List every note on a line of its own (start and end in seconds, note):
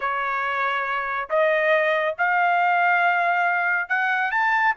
0.00 1.29 C#5
1.29 2.15 D#5
2.18 3.88 F5
3.88 4.31 F#5
4.31 4.74 A5